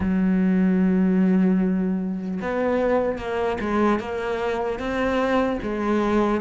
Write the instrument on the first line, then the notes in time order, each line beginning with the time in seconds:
cello
0.00 F#3
2.41 B3
3.18 A#3
3.60 G#3
3.99 A#3
4.79 C4
5.62 G#3